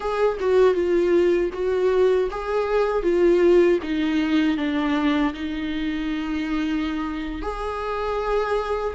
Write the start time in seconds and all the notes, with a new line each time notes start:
0.00 G#4
0.40 F#4
0.74 F4
1.53 F#4
2.30 G#4
3.02 F4
3.83 D#4
4.57 D4
5.33 D#4
7.42 G#4